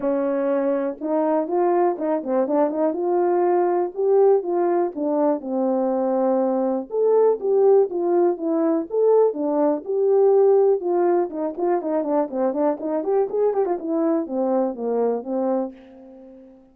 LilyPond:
\new Staff \with { instrumentName = "horn" } { \time 4/4 \tempo 4 = 122 cis'2 dis'4 f'4 | dis'8 c'8 d'8 dis'8 f'2 | g'4 f'4 d'4 c'4~ | c'2 a'4 g'4 |
f'4 e'4 a'4 d'4 | g'2 f'4 dis'8 f'8 | dis'8 d'8 c'8 d'8 dis'8 g'8 gis'8 g'16 f'16 | e'4 c'4 ais4 c'4 | }